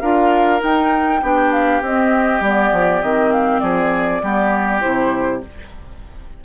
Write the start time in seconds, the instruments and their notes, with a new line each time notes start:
0.00 bassoon D4, clarinet F4, oboe A#4, flute F5
0.59 clarinet D#4, bassoon D#4, flute G5
1.22 bassoon B3, clarinet D4, oboe G4
1.52 flute F5
1.81 bassoon C4, clarinet C4, flute D#5
2.40 bassoon G3, clarinet B3, flute D5
2.72 bassoon F3
3.02 bassoon D#3, clarinet C4, flute D#5
3.31 flute F5
3.59 bassoon F3, oboe G#4, flute D5
4.22 bassoon G3, clarinet B3, oboe G4
4.80 bassoon C3, clarinet E4, flute C5